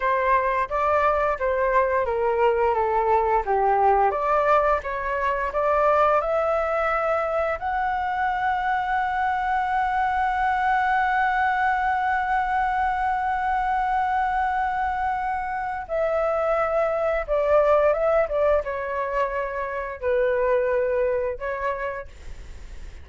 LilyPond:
\new Staff \with { instrumentName = "flute" } { \time 4/4 \tempo 4 = 87 c''4 d''4 c''4 ais'4 | a'4 g'4 d''4 cis''4 | d''4 e''2 fis''4~ | fis''1~ |
fis''1~ | fis''2. e''4~ | e''4 d''4 e''8 d''8 cis''4~ | cis''4 b'2 cis''4 | }